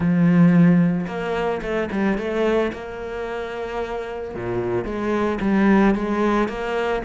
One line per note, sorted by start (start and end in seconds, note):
0.00 1.06 F3
1.07 1.61 A#3
1.62 1.89 A3
1.91 2.18 G3
2.18 2.72 A3
2.72 4.34 A#3
4.34 4.84 A#2
4.84 5.38 G#3
5.40 5.94 G3
5.94 6.48 G#3
6.48 7.02 A#3